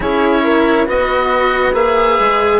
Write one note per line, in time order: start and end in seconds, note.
0.00 0.88 C#4
0.00 0.86 E4
0.00 0.42 G#4
0.00 0.88 C#5
0.43 0.85 A#4
0.85 1.73 B3
0.85 1.73 F#4
0.85 2.59 B4
0.85 1.74 D#5
1.73 2.17 A#3
1.73 2.60 G#4
1.73 2.60 E5
2.19 2.60 G#3